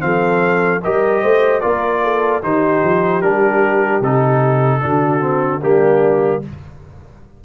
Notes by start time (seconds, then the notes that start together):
0.00 F3 C4 A4 F5
0.84 G3 G4 A#4 D#5
1.22 A3 C5
1.61 A#3 F4 A#4 D5
2.03 A4
2.43 D#3 D#4 G4 C5
2.84 F3
3.22 G3 D4 A#4
4.00 C3 D#4 A4
4.81 D3 D4 F#4
5.21 C4
5.62 G3 A#3 D4 G4